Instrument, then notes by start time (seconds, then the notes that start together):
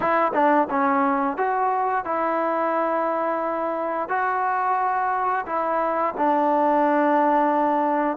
trombone
0.00 E4
0.33 D4
0.69 C#4
1.37 F#4
2.05 E4
4.08 F#4
5.45 E4
6.17 D4